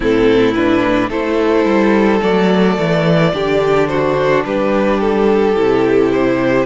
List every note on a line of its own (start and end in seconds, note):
0.00 1.09 A2
0.00 0.54 C4
0.00 1.09 E4
0.00 0.54 A4
0.54 1.10 D4
0.54 1.09 B4
1.09 1.65 A3
1.09 2.21 E4
1.09 3.31 A4
1.09 2.21 C5
1.65 2.20 G3
2.21 2.78 F#3
2.21 3.32 A3
2.21 3.87 D5
2.78 3.34 E3
3.33 4.44 D3
3.33 5.55 D4
3.33 3.89 G4
3.87 4.45 F#4
3.87 4.43 C5
4.44 5.56 G3
4.44 6.66 G4
4.44 5.00 B4
5.00 6.11 A4
5.56 6.66 C3
5.56 6.66 E4
6.11 6.66 C5